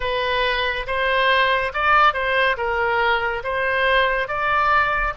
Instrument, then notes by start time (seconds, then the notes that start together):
oboe
0.00 B4
0.86 C5
1.73 D5
2.13 C5
2.57 A#4
3.43 C5
4.27 D5